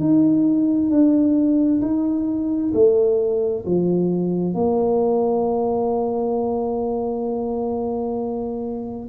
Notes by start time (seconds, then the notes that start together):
0.00 D#4
0.90 D4
1.82 D#4
2.74 A3
3.66 F3
4.55 A#3